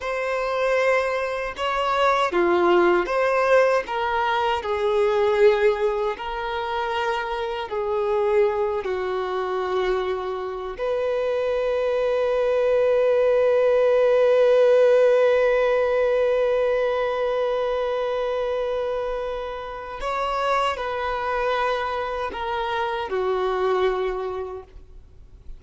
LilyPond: \new Staff \with { instrumentName = "violin" } { \time 4/4 \tempo 4 = 78 c''2 cis''4 f'4 | c''4 ais'4 gis'2 | ais'2 gis'4. fis'8~ | fis'2 b'2~ |
b'1~ | b'1~ | b'2 cis''4 b'4~ | b'4 ais'4 fis'2 | }